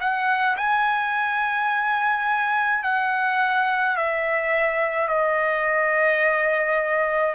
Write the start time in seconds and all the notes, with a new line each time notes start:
0.00 F#5
0.57 G#5
2.83 F#5
3.96 E5
5.08 D#5